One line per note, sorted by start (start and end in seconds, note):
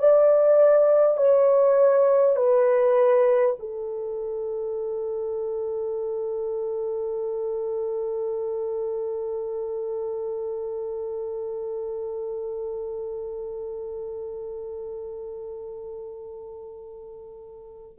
0.00 1.18 D5
1.18 2.36 C#5
2.36 3.56 B4
3.60 17.99 A4